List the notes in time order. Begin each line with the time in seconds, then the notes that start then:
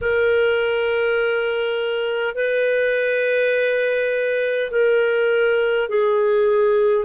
0.01 A#4
2.35 B4
4.71 A#4
5.88 G#4